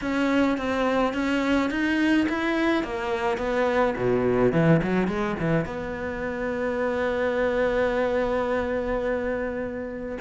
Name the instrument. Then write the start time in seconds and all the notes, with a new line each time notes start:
cello
0.01 C#4
0.57 C4
1.13 C#4
1.70 D#4
2.28 E4
2.83 A#3
3.37 B3
3.96 B2
4.52 E3
4.82 F#3
5.07 G#3
5.39 E3
5.65 B3